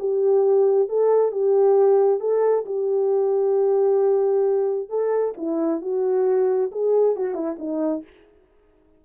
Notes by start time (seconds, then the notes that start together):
0.00 G4
0.90 A4
1.32 G4
2.20 A4
2.66 G4
4.90 A4
5.38 E4
5.82 F#4
6.72 G#4
7.17 F#4
7.35 E4
7.59 D#4